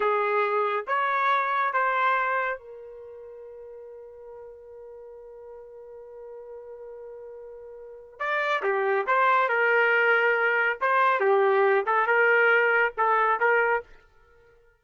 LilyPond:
\new Staff \with { instrumentName = "trumpet" } { \time 4/4 \tempo 4 = 139 gis'2 cis''2 | c''2 ais'2~ | ais'1~ | ais'1~ |
ais'2. d''4 | g'4 c''4 ais'2~ | ais'4 c''4 g'4. a'8 | ais'2 a'4 ais'4 | }